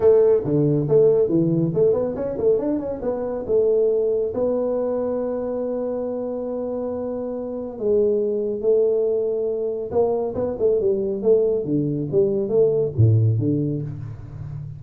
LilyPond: \new Staff \with { instrumentName = "tuba" } { \time 4/4 \tempo 4 = 139 a4 d4 a4 e4 | a8 b8 cis'8 a8 d'8 cis'8 b4 | a2 b2~ | b1~ |
b2 gis2 | a2. ais4 | b8 a8 g4 a4 d4 | g4 a4 a,4 d4 | }